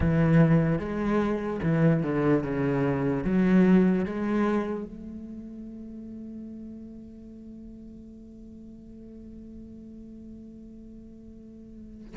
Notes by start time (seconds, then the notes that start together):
0.00 E3
0.79 G#3
1.62 E3
2.03 D3
2.43 C#3
3.24 F#3
4.05 G#3
4.84 A3